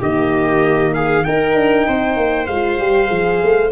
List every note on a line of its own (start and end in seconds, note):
0.00 1.26 D#3
0.00 1.24 A#3
0.00 0.93 G4
0.00 0.94 D#5
0.94 1.26 G#4
0.94 1.25 F5
1.24 2.48 D#4
1.24 1.55 D#4
1.24 1.88 A#4
1.24 2.47 G5
1.55 1.86 D4
1.88 2.17 C4
1.88 3.72 C5
2.17 2.48 A#3
2.47 2.79 G#3
2.47 2.81 F4
2.47 3.70 F5
2.79 3.10 G3
2.79 3.06 G4
3.06 3.41 F3
3.06 3.68 G#4
3.43 3.72 A3